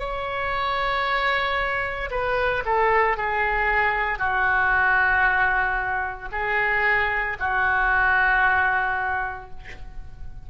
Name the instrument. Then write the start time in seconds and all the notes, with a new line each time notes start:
oboe
0.00 C#5
2.11 B4
2.66 A4
3.17 G#4
4.19 F#4
6.33 G#4
7.40 F#4